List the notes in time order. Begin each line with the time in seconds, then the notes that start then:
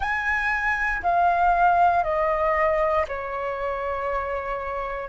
0.00 G#5
1.02 F5
2.03 D#5
3.07 C#5